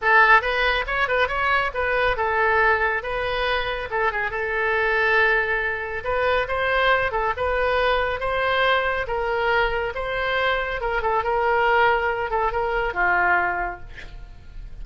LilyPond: \new Staff \with { instrumentName = "oboe" } { \time 4/4 \tempo 4 = 139 a'4 b'4 cis''8 b'8 cis''4 | b'4 a'2 b'4~ | b'4 a'8 gis'8 a'2~ | a'2 b'4 c''4~ |
c''8 a'8 b'2 c''4~ | c''4 ais'2 c''4~ | c''4 ais'8 a'8 ais'2~ | ais'8 a'8 ais'4 f'2 | }